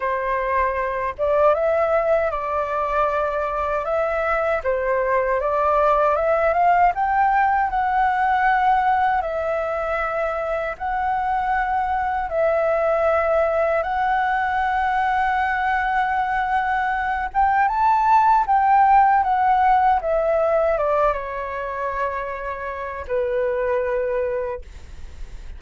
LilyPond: \new Staff \with { instrumentName = "flute" } { \time 4/4 \tempo 4 = 78 c''4. d''8 e''4 d''4~ | d''4 e''4 c''4 d''4 | e''8 f''8 g''4 fis''2 | e''2 fis''2 |
e''2 fis''2~ | fis''2~ fis''8 g''8 a''4 | g''4 fis''4 e''4 d''8 cis''8~ | cis''2 b'2 | }